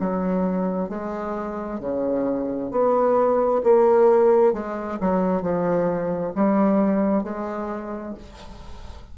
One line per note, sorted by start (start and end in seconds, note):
0.00 0.90 F#3
0.90 1.81 G#3
1.81 2.71 C#3
2.71 3.62 B3
3.64 4.53 A#3
4.53 4.99 G#3
5.01 5.42 F#3
5.42 6.33 F3
6.36 7.24 G3
7.24 8.14 G#3